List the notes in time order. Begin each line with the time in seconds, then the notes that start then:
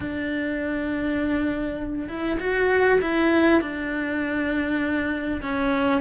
0.00 D4
2.08 E4
2.39 F#4
3.01 E4
3.61 D4
5.41 C#4